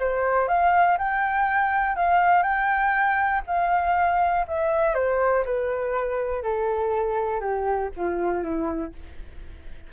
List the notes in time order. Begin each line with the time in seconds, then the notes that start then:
0.00 C5
0.48 F5
0.98 G5
1.96 F5
2.43 G5
3.47 F5
4.48 E5
4.95 C5
5.46 B4
6.43 A4
7.41 G4
7.97 F4
8.43 E4